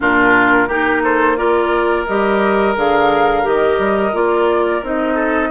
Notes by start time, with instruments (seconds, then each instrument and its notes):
0.00 bassoon A#2, clarinet D4, oboe F4, flute A#4
0.68 bassoon A#3, clarinet D#4, oboe G4
1.03 oboe A4, flute C5
1.36 clarinet F4, oboe A#4, flute D5
2.06 bassoon G3, clarinet G4, flute D#5
2.75 bassoon D3, clarinet G#4, flute F5
3.42 bassoon D#3, clarinet G4, flute D#5
3.79 bassoon G3
4.12 bassoon A#3, clarinet F4, flute D5
4.82 bassoon C4, clarinet D#4, flute D#5
5.14 oboe A4